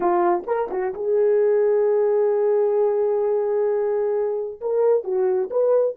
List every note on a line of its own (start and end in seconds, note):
0.00 0.44 F4
0.46 0.69 A#4
0.70 0.93 F#4
0.94 4.60 G#4
4.60 5.03 A#4
5.03 5.49 F#4
5.50 5.96 B4